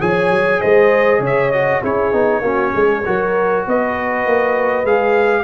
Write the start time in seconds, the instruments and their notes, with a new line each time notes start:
0.00 tuba F3, trombone G#4, horn C#5, trumpet G#5
0.30 tuba F#3
0.60 tuba G#3, horn C5, trumpet D#5
1.20 tuba C#3, horn C#5
1.26 trumpet E5
1.51 trombone F#4, trumpet D#5
1.81 tuba C#4, trombone E4, horn G#4, trumpet C#5
2.12 tuba B3, trombone D#4
2.41 tuba A#3, trombone C#4, horn F#4
2.73 tuba G#3, horn G#4
3.05 tuba F#3, trombone F#4, horn A#4
3.67 tuba B3, horn B4, trumpet D#5
4.26 tuba A#3
4.84 tuba G#3, trombone G#4, trumpet F5